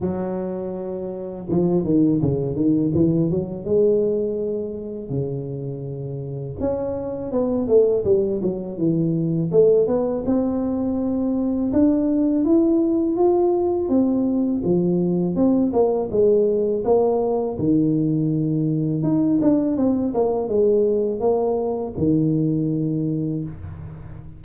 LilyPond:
\new Staff \with { instrumentName = "tuba" } { \time 4/4 \tempo 4 = 82 fis2 f8 dis8 cis8 dis8 | e8 fis8 gis2 cis4~ | cis4 cis'4 b8 a8 g8 fis8 | e4 a8 b8 c'2 |
d'4 e'4 f'4 c'4 | f4 c'8 ais8 gis4 ais4 | dis2 dis'8 d'8 c'8 ais8 | gis4 ais4 dis2 | }